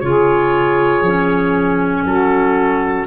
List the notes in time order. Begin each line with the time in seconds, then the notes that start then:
0.00 C#3 F4 G#4 C#5
1.01 F3 C#4
2.05 F#3 F#4 A4